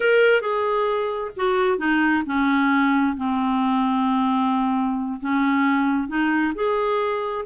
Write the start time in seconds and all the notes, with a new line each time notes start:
0.00 A#4
0.41 G#4
1.36 F#4
1.78 D#4
2.26 C#4
3.16 C4
5.20 C#4
6.08 D#4
6.54 G#4